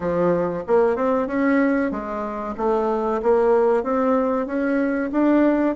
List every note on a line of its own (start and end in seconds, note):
0.00 0.64 F3
0.67 0.95 A#3
0.95 1.27 C4
1.27 1.91 C#4
1.91 2.54 G#3
2.57 3.21 A3
3.22 3.83 A#3
3.83 4.46 C4
4.46 5.10 C#4
5.12 5.75 D4